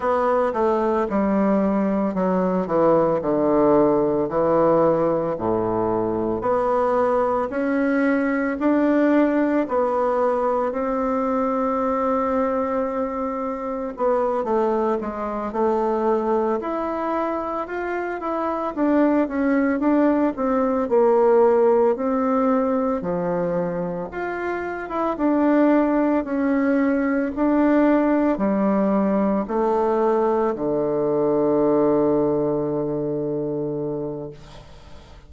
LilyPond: \new Staff \with { instrumentName = "bassoon" } { \time 4/4 \tempo 4 = 56 b8 a8 g4 fis8 e8 d4 | e4 a,4 b4 cis'4 | d'4 b4 c'2~ | c'4 b8 a8 gis8 a4 e'8~ |
e'8 f'8 e'8 d'8 cis'8 d'8 c'8 ais8~ | ais8 c'4 f4 f'8. e'16 d'8~ | d'8 cis'4 d'4 g4 a8~ | a8 d2.~ d8 | }